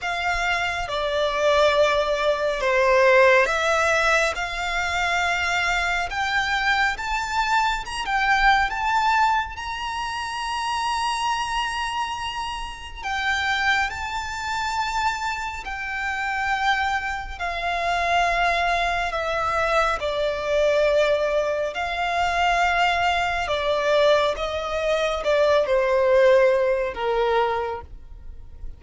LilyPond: \new Staff \with { instrumentName = "violin" } { \time 4/4 \tempo 4 = 69 f''4 d''2 c''4 | e''4 f''2 g''4 | a''4 ais''16 g''8. a''4 ais''4~ | ais''2. g''4 |
a''2 g''2 | f''2 e''4 d''4~ | d''4 f''2 d''4 | dis''4 d''8 c''4. ais'4 | }